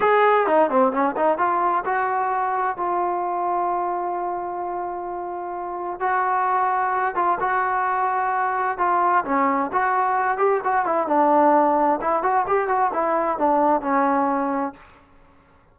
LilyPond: \new Staff \with { instrumentName = "trombone" } { \time 4/4 \tempo 4 = 130 gis'4 dis'8 c'8 cis'8 dis'8 f'4 | fis'2 f'2~ | f'1~ | f'4 fis'2~ fis'8 f'8 |
fis'2. f'4 | cis'4 fis'4. g'8 fis'8 e'8 | d'2 e'8 fis'8 g'8 fis'8 | e'4 d'4 cis'2 | }